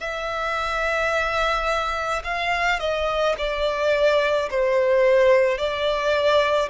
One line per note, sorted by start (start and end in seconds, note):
0.00 2.22 E5
2.24 2.79 F5
2.79 3.35 D#5
3.38 4.49 D5
4.50 5.58 C5
5.58 6.69 D5